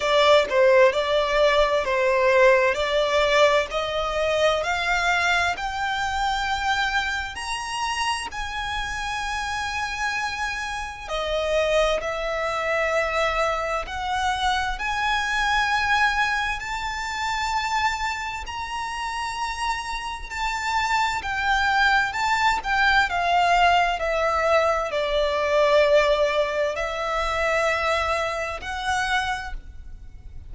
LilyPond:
\new Staff \with { instrumentName = "violin" } { \time 4/4 \tempo 4 = 65 d''8 c''8 d''4 c''4 d''4 | dis''4 f''4 g''2 | ais''4 gis''2. | dis''4 e''2 fis''4 |
gis''2 a''2 | ais''2 a''4 g''4 | a''8 g''8 f''4 e''4 d''4~ | d''4 e''2 fis''4 | }